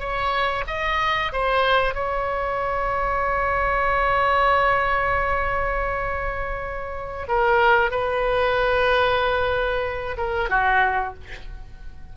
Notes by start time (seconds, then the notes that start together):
0.00 C#5
0.68 D#5
1.33 C5
1.95 C#5
7.28 A#4
7.91 B4
10.18 A#4
10.50 F#4